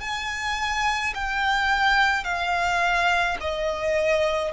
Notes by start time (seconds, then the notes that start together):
0.00 G#5
1.14 G5
2.24 F5
3.40 D#5